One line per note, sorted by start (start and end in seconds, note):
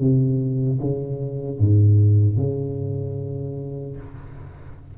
0.00 0.80 C3
0.81 1.59 C#3
1.59 2.37 G#2
2.37 3.97 C#3